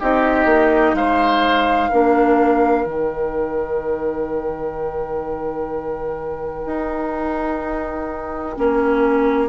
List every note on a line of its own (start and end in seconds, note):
0.00 0.45 C4
0.00 1.91 D#4
0.00 0.95 G4
0.00 0.95 D#5
0.45 0.93 A#3
0.94 1.89 G#3
0.94 1.89 C5
0.94 2.85 F5
1.89 2.85 A#3
1.89 2.86 D4
1.89 9.48 A#4
2.85 6.66 D#3
2.85 8.56 D#4
2.85 9.48 G5
6.66 8.56 D#4
8.56 9.48 A#3
8.56 9.48 C#4